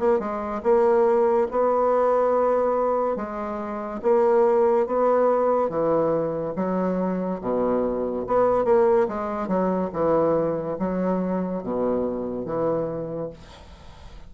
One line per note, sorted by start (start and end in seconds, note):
0.00 0.20 A#3
0.20 0.62 G#3
0.63 1.48 A#3
1.52 3.17 B3
3.17 4.01 G#3
4.03 4.87 A#3
4.87 5.70 B3
5.70 6.55 E3
6.56 7.41 F#3
7.42 8.26 B2
8.27 8.65 B3
8.65 9.07 A#3
9.09 9.48 G#3
9.48 9.90 F#3
9.94 10.78 E3
10.79 11.64 F#3
11.64 12.46 B2
12.46 13.30 E3